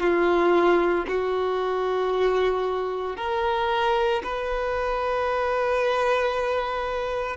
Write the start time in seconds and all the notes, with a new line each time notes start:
0.00 F4
1.08 F#4
3.17 A#4
4.23 B4